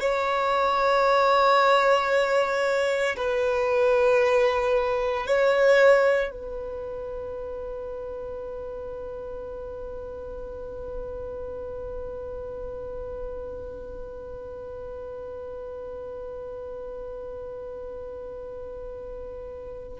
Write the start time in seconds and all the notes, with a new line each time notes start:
0.00 C#5
3.16 B4
5.26 C#5
6.31 B4